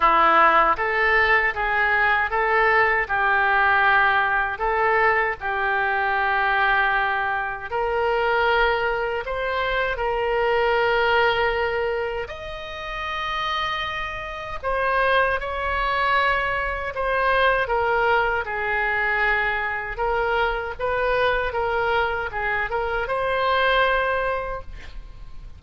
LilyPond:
\new Staff \with { instrumentName = "oboe" } { \time 4/4 \tempo 4 = 78 e'4 a'4 gis'4 a'4 | g'2 a'4 g'4~ | g'2 ais'2 | c''4 ais'2. |
dis''2. c''4 | cis''2 c''4 ais'4 | gis'2 ais'4 b'4 | ais'4 gis'8 ais'8 c''2 | }